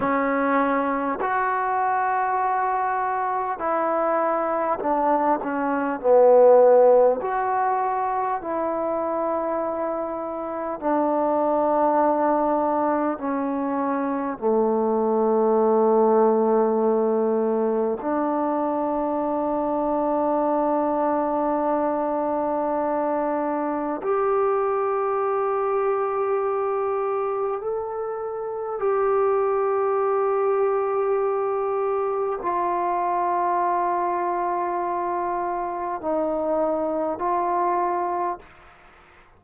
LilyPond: \new Staff \with { instrumentName = "trombone" } { \time 4/4 \tempo 4 = 50 cis'4 fis'2 e'4 | d'8 cis'8 b4 fis'4 e'4~ | e'4 d'2 cis'4 | a2. d'4~ |
d'1 | g'2. a'4 | g'2. f'4~ | f'2 dis'4 f'4 | }